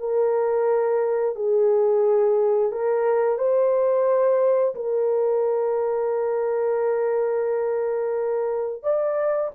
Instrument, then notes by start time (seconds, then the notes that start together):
horn
0.00 A#4
1.36 G#4
2.72 A#4
3.39 C5
4.75 A#4
8.83 D5